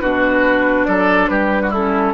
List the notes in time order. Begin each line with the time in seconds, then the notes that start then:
0.00 B2 D4 F#4 B4
0.85 F#3 A4 D5
1.28 G3 G4 B4
1.63 F#4
1.71 C#4 E4 A4